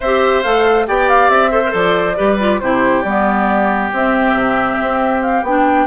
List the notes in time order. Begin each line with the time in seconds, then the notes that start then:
0.00 C4 G4 C5 E5
0.43 A3 A4 F5
0.87 B3 G4 D5 G5
1.09 F5
1.29 C4 E5
1.51 A4 C5
1.65 A4 A#4
1.73 F3 D5
2.15 G3 G4 B4
2.39 F4
2.60 C3 E4 G4 C5
3.01 G3 B3 D5
3.92 C4 E5
4.33 C3
4.81 C4
5.22 F5
5.42 B3 D4 G5